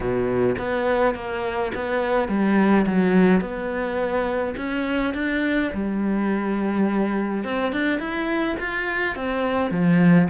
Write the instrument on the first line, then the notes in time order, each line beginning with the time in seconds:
cello
0.00 B2
0.58 B3
1.14 A#3
1.74 B3
2.28 G3
2.86 F#3
3.40 B3
4.56 C#4
5.14 D4
5.73 G3
7.44 C4
7.72 D4
7.99 E4
8.59 F4
9.15 C4
9.70 F3